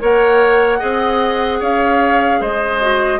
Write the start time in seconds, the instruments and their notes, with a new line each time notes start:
0.00 bassoon A#3, clarinet A#4, oboe C#5, flute F#5
0.79 bassoon C4, clarinet G#4, oboe D#5
1.60 bassoon C#4, oboe C#5, flute F5
2.41 bassoon G#3, oboe C5, flute D#5
2.81 clarinet F#4